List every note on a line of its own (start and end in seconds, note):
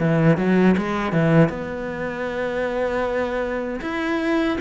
0.00 0.38 E3
0.38 0.76 F#3
0.78 1.13 G#3
1.13 1.50 E3
1.50 3.80 B3
3.81 4.58 E4